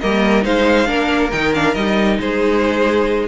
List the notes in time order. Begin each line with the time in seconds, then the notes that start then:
0.00 G3 A#3 A#4 D#5
0.41 G#3 D#4 C5 F5
0.86 A#3 D4 A#4
1.31 D#3 D#4 G5
1.53 D4 F5
1.74 G3 D#4 D#5
2.19 G#3 G#4 C5